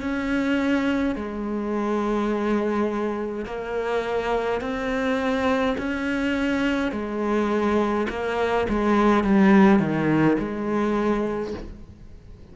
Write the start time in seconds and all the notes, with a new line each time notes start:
0.00 C#4
1.15 G#3
3.45 A#3
4.60 C4
5.77 C#4
6.91 G#3
8.09 A#3
8.69 G#3
9.23 G3
9.79 D#3
10.38 G#3